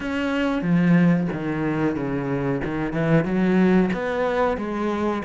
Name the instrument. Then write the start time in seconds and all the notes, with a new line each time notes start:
cello
0.00 C#4
0.61 F3
1.32 D#3
1.96 C#3
2.64 D#3
2.92 E3
3.24 F#3
3.93 B3
4.57 G#3